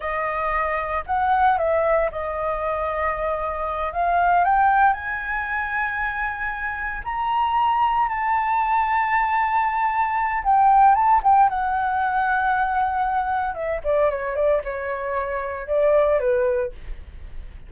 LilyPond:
\new Staff \with { instrumentName = "flute" } { \time 4/4 \tempo 4 = 115 dis''2 fis''4 e''4 | dis''2.~ dis''8 f''8~ | f''8 g''4 gis''2~ gis''8~ | gis''4. ais''2 a''8~ |
a''1 | g''4 a''8 g''8 fis''2~ | fis''2 e''8 d''8 cis''8 d''8 | cis''2 d''4 b'4 | }